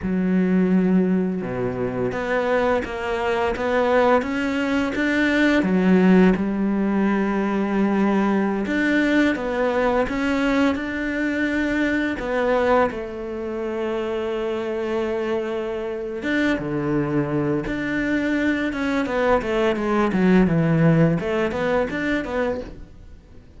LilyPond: \new Staff \with { instrumentName = "cello" } { \time 4/4 \tempo 4 = 85 fis2 b,4 b4 | ais4 b4 cis'4 d'4 | fis4 g2.~ | g16 d'4 b4 cis'4 d'8.~ |
d'4~ d'16 b4 a4.~ a16~ | a2. d'8 d8~ | d4 d'4. cis'8 b8 a8 | gis8 fis8 e4 a8 b8 d'8 b8 | }